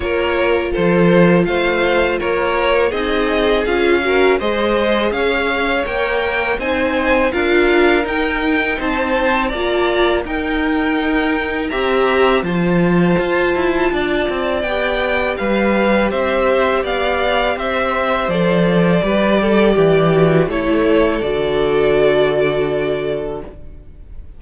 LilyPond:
<<
  \new Staff \with { instrumentName = "violin" } { \time 4/4 \tempo 4 = 82 cis''4 c''4 f''4 cis''4 | dis''4 f''4 dis''4 f''4 | g''4 gis''4 f''4 g''4 | a''4 ais''4 g''2 |
ais''4 a''2. | g''4 f''4 e''4 f''4 | e''4 d''2. | cis''4 d''2. | }
  \new Staff \with { instrumentName = "violin" } { \time 4/4 ais'4 a'4 c''4 ais'4 | gis'4. ais'8 c''4 cis''4~ | cis''4 c''4 ais'2 | c''4 d''4 ais'2 |
e''4 c''2 d''4~ | d''4 b'4 c''4 d''4 | c''2 b'8 a'8 g'4 | a'1 | }
  \new Staff \with { instrumentName = "viola" } { \time 4/4 f'1 | dis'4 f'8 fis'8 gis'2 | ais'4 dis'4 f'4 dis'4~ | dis'4 f'4 dis'2 |
g'4 f'2. | g'1~ | g'4 a'4 g'4. fis'8 | e'4 fis'2. | }
  \new Staff \with { instrumentName = "cello" } { \time 4/4 ais4 f4 a4 ais4 | c'4 cis'4 gis4 cis'4 | ais4 c'4 d'4 dis'4 | c'4 ais4 dis'2 |
c'4 f4 f'8 e'8 d'8 c'8 | b4 g4 c'4 b4 | c'4 f4 g4 e4 | a4 d2. | }
>>